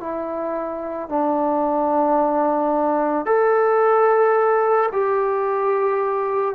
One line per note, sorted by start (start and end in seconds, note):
0.00 1.09 E4
1.09 3.25 D4
3.25 4.89 A4
4.92 6.55 G4